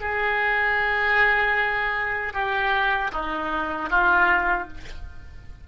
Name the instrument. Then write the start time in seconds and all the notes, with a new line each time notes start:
oboe
0.00 G#4
2.33 G4
3.11 D#4
3.89 F4